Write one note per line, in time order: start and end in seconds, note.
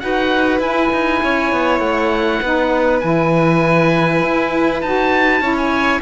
0.00 0.60 D#4
0.00 0.61 F#4
0.00 1.23 B4
0.00 0.60 F#5
0.60 0.90 E4
0.60 2.43 E4
0.60 1.80 G#5
0.93 1.23 D#4
1.23 1.53 C#4
1.23 2.43 C#5
1.53 1.80 B3
1.80 2.40 A3
1.80 3.00 F#5
2.43 3.03 B3
2.43 3.02 D#4
2.43 5.42 B4
3.01 4.23 E3
3.01 4.82 E4
3.01 4.81 G#5
4.23 4.83 E4
4.82 5.41 D#4
4.82 5.41 F#4
4.82 5.57 A5
5.41 6.01 C#4
5.41 6.01 E4
5.41 6.02 C#5
5.58 6.02 G#5